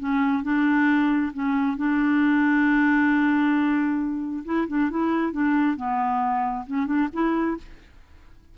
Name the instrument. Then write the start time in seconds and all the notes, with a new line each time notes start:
clarinet
0.00 C#4
0.44 D4
1.34 C#4
1.78 D4
4.46 E4
4.68 D4
4.91 E4
5.33 D4
5.77 B3
6.67 C#4
6.87 D4
7.14 E4